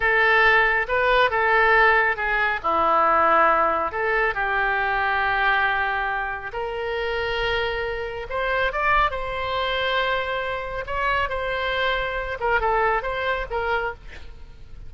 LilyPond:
\new Staff \with { instrumentName = "oboe" } { \time 4/4 \tempo 4 = 138 a'2 b'4 a'4~ | a'4 gis'4 e'2~ | e'4 a'4 g'2~ | g'2. ais'4~ |
ais'2. c''4 | d''4 c''2.~ | c''4 cis''4 c''2~ | c''8 ais'8 a'4 c''4 ais'4 | }